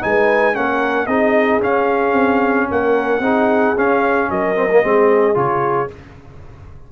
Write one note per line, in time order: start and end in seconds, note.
0.00 0.55 G#3
0.00 0.53 D#4
0.00 0.55 B4
0.00 0.55 G#5
0.53 1.06 A#3
0.53 1.07 C#4
0.53 1.07 A#4
0.53 1.06 F#5
1.06 1.60 C4
1.06 1.60 D#4
1.06 2.67 G#4
1.06 1.60 D#5
1.60 2.13 C#4
1.60 3.21 C#4
1.60 2.70 F5
2.13 2.66 C4
2.70 3.19 A#3
2.70 3.22 A#4
2.70 3.78 F#5
3.19 3.72 C4
3.19 3.76 D#4
3.19 4.29 G#4
3.77 4.29 C#4
3.77 4.55 C#4
3.77 4.30 F5
4.29 4.83 F#3
4.29 4.84 A#4
4.29 5.37 D#5
4.55 4.68 C4
4.69 4.82 A#3
4.82 5.35 G#3
4.82 5.34 C4
4.82 5.91 G#4
5.34 5.89 C#3
5.34 5.87 F4
5.34 5.90 C#5